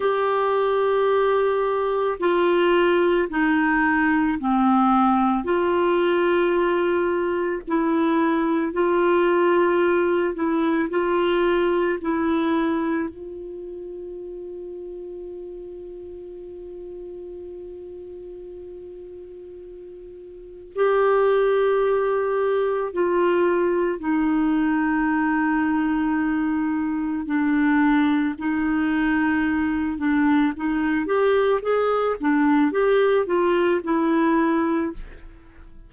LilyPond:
\new Staff \with { instrumentName = "clarinet" } { \time 4/4 \tempo 4 = 55 g'2 f'4 dis'4 | c'4 f'2 e'4 | f'4. e'8 f'4 e'4 | f'1~ |
f'2. g'4~ | g'4 f'4 dis'2~ | dis'4 d'4 dis'4. d'8 | dis'8 g'8 gis'8 d'8 g'8 f'8 e'4 | }